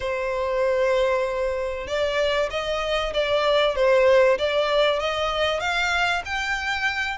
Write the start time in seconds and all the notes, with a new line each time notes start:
0.00 C5
1.87 D5
2.50 D#5
3.13 D5
3.75 C5
4.38 D5
4.99 D#5
5.60 F5
6.25 G5